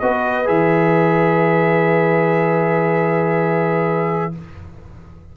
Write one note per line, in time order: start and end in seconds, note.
0.00 0.49 B3
0.00 0.45 F#4
0.00 4.37 B4
0.00 0.48 D#5
0.45 4.36 E3
0.45 4.33 G#4
0.45 4.35 E5